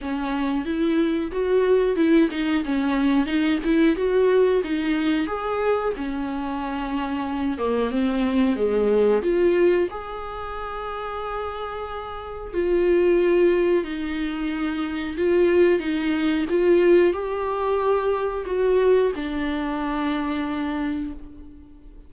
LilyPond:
\new Staff \with { instrumentName = "viola" } { \time 4/4 \tempo 4 = 91 cis'4 e'4 fis'4 e'8 dis'8 | cis'4 dis'8 e'8 fis'4 dis'4 | gis'4 cis'2~ cis'8 ais8 | c'4 gis4 f'4 gis'4~ |
gis'2. f'4~ | f'4 dis'2 f'4 | dis'4 f'4 g'2 | fis'4 d'2. | }